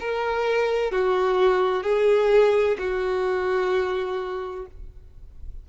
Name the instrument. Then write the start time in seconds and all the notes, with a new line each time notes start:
violin
0.00 A#4
0.91 F#4
1.83 G#4
2.78 F#4